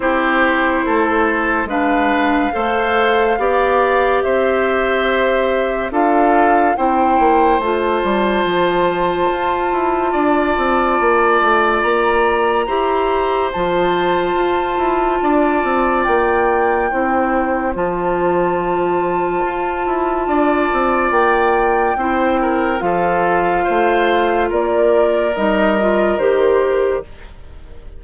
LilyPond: <<
  \new Staff \with { instrumentName = "flute" } { \time 4/4 \tempo 4 = 71 c''2 f''2~ | f''4 e''2 f''4 | g''4 a''2.~ | a''2 ais''2 |
a''2. g''4~ | g''4 a''2.~ | a''4 g''2 f''4~ | f''4 d''4 dis''4 c''4 | }
  \new Staff \with { instrumentName = "oboe" } { \time 4/4 g'4 a'4 b'4 c''4 | d''4 c''2 a'4 | c''1 | d''2. c''4~ |
c''2 d''2 | c''1 | d''2 c''8 ais'8 a'4 | c''4 ais'2. | }
  \new Staff \with { instrumentName = "clarinet" } { \time 4/4 e'2 d'4 a'4 | g'2. f'4 | e'4 f'2.~ | f'2. g'4 |
f'1 | e'4 f'2.~ | f'2 e'4 f'4~ | f'2 dis'8 f'8 g'4 | }
  \new Staff \with { instrumentName = "bassoon" } { \time 4/4 c'4 a4 gis4 a4 | b4 c'2 d'4 | c'8 ais8 a8 g8 f4 f'8 e'8 | d'8 c'8 ais8 a8 ais4 e'4 |
f4 f'8 e'8 d'8 c'8 ais4 | c'4 f2 f'8 e'8 | d'8 c'8 ais4 c'4 f4 | a4 ais4 g4 dis4 | }
>>